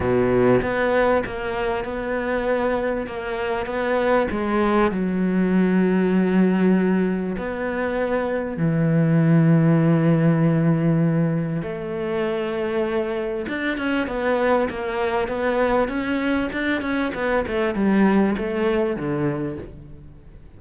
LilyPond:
\new Staff \with { instrumentName = "cello" } { \time 4/4 \tempo 4 = 98 b,4 b4 ais4 b4~ | b4 ais4 b4 gis4 | fis1 | b2 e2~ |
e2. a4~ | a2 d'8 cis'8 b4 | ais4 b4 cis'4 d'8 cis'8 | b8 a8 g4 a4 d4 | }